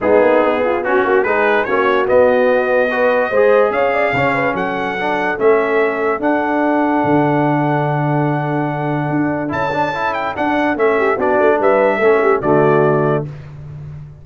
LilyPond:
<<
  \new Staff \with { instrumentName = "trumpet" } { \time 4/4 \tempo 4 = 145 gis'2 fis'4 b'4 | cis''4 dis''2.~ | dis''4 f''2 fis''4~ | fis''4 e''2 fis''4~ |
fis''1~ | fis''2. a''4~ | a''8 g''8 fis''4 e''4 d''4 | e''2 d''2 | }
  \new Staff \with { instrumentName = "horn" } { \time 4/4 dis'4. f'8 fis'4 gis'4 | fis'2. b'4 | c''4 cis''8 d''8 cis''8 b'8 a'4~ | a'1~ |
a'1~ | a'1~ | a'2~ a'8 g'8 fis'4 | b'4 a'8 g'8 fis'2 | }
  \new Staff \with { instrumentName = "trombone" } { \time 4/4 b2 cis'4 dis'4 | cis'4 b2 fis'4 | gis'2 cis'2 | d'4 cis'2 d'4~ |
d'1~ | d'2. e'8 d'8 | e'4 d'4 cis'4 d'4~ | d'4 cis'4 a2 | }
  \new Staff \with { instrumentName = "tuba" } { \time 4/4 gis8 ais8 b4. ais8 gis4 | ais4 b2. | gis4 cis'4 cis4 fis4~ | fis4 a2 d'4~ |
d'4 d2.~ | d2 d'4 cis'4~ | cis'4 d'4 a4 b8 a8 | g4 a4 d2 | }
>>